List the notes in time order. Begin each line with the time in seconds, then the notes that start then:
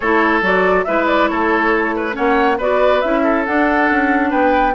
0.00 A3 E4 A4 C#5
0.41 F#3 F#4 D5
0.84 G#3 E4 B4 E5
1.06 D5
1.28 A3 A4 C#5
1.95 B4
2.12 A#3 C#4 C#5 F#5
2.57 B3 F#4 B4 D5
3.01 C#4 E4 E5
3.23 A4
3.45 D4 F#5
3.90 C#4
4.30 B3 B4 G5